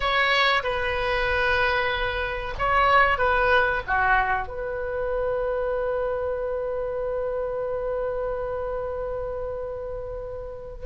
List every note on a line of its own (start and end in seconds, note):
0.00 0.62 C#5
0.63 2.54 B4
2.58 3.18 C#5
3.18 3.82 B4
3.87 4.47 F#4
4.47 10.85 B4